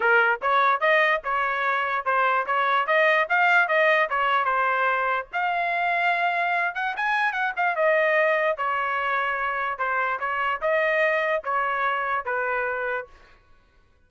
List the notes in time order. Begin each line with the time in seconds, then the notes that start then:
0.00 A#4
0.41 C#5
0.80 D#5
1.24 C#5
2.05 C5
2.46 C#5
2.87 D#5
3.29 F5
3.67 D#5
4.09 C#5
4.45 C5
5.32 F5
6.75 F#5
6.96 G#5
7.32 F#5
7.56 F5
7.75 D#5
8.57 C#5
9.78 C5
10.19 C#5
10.61 D#5
11.43 C#5
12.25 B4